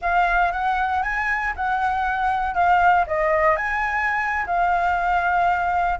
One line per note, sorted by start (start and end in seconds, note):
0.01 0.52 F5
0.52 1.02 F#5
1.02 1.53 G#5
1.56 2.54 F#5
2.54 3.05 F5
3.06 3.56 D#5
3.56 4.45 G#5
4.46 5.99 F5